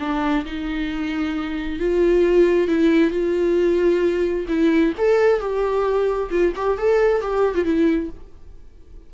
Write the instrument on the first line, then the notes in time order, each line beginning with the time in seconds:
viola
0.00 D4
0.46 D#4
1.79 F4
2.68 E4
3.11 F4
4.48 E4
4.98 A4
5.40 G4
6.31 F4
6.56 G4
6.78 A4
7.22 G4
7.55 F4
7.65 E4